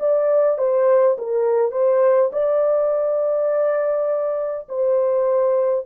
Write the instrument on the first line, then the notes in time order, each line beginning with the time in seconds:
horn
0.00 D5
0.58 C5
1.18 A#4
1.72 C5
2.33 D5
4.70 C5